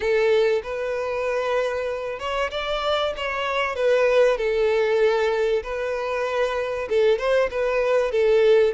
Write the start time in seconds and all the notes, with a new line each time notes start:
0.00 A4
0.63 B4
2.19 C#5
2.51 D5
3.16 C#5
3.75 B4
4.37 A4
5.63 B4
6.89 A4
7.18 C5
7.50 B4
8.11 A4